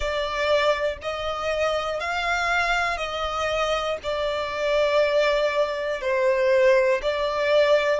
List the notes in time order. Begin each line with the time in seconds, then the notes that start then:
0.00 D5
1.01 D#5
2.00 F5
2.97 D#5
4.03 D5
6.01 C5
7.01 D5